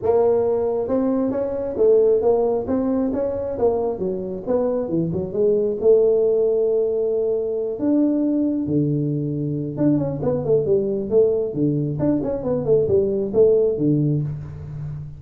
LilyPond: \new Staff \with { instrumentName = "tuba" } { \time 4/4 \tempo 4 = 135 ais2 c'4 cis'4 | a4 ais4 c'4 cis'4 | ais4 fis4 b4 e8 fis8 | gis4 a2.~ |
a4. d'2 d8~ | d2 d'8 cis'8 b8 a8 | g4 a4 d4 d'8 cis'8 | b8 a8 g4 a4 d4 | }